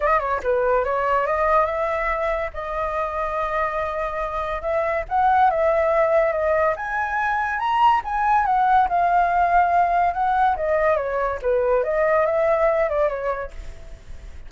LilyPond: \new Staff \with { instrumentName = "flute" } { \time 4/4 \tempo 4 = 142 dis''8 cis''8 b'4 cis''4 dis''4 | e''2 dis''2~ | dis''2. e''4 | fis''4 e''2 dis''4 |
gis''2 ais''4 gis''4 | fis''4 f''2. | fis''4 dis''4 cis''4 b'4 | dis''4 e''4. d''8 cis''4 | }